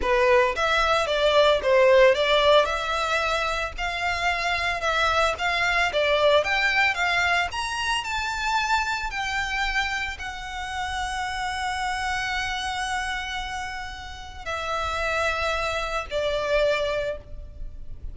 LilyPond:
\new Staff \with { instrumentName = "violin" } { \time 4/4 \tempo 4 = 112 b'4 e''4 d''4 c''4 | d''4 e''2 f''4~ | f''4 e''4 f''4 d''4 | g''4 f''4 ais''4 a''4~ |
a''4 g''2 fis''4~ | fis''1~ | fis''2. e''4~ | e''2 d''2 | }